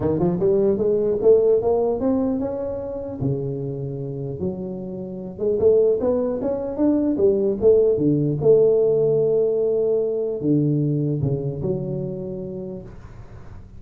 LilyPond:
\new Staff \with { instrumentName = "tuba" } { \time 4/4 \tempo 4 = 150 dis8 f8 g4 gis4 a4 | ais4 c'4 cis'2 | cis2. fis4~ | fis4. gis8 a4 b4 |
cis'4 d'4 g4 a4 | d4 a2.~ | a2 d2 | cis4 fis2. | }